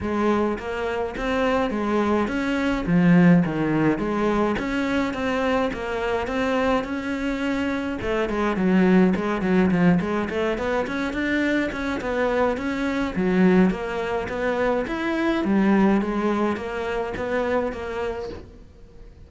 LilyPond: \new Staff \with { instrumentName = "cello" } { \time 4/4 \tempo 4 = 105 gis4 ais4 c'4 gis4 | cis'4 f4 dis4 gis4 | cis'4 c'4 ais4 c'4 | cis'2 a8 gis8 fis4 |
gis8 fis8 f8 gis8 a8 b8 cis'8 d'8~ | d'8 cis'8 b4 cis'4 fis4 | ais4 b4 e'4 g4 | gis4 ais4 b4 ais4 | }